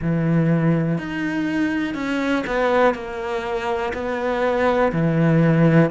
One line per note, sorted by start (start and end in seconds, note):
0.01 0.97 E3
0.97 1.94 D#4
1.94 2.43 C#4
2.46 2.94 B3
2.94 3.93 A#3
3.93 4.92 B3
4.92 5.90 E3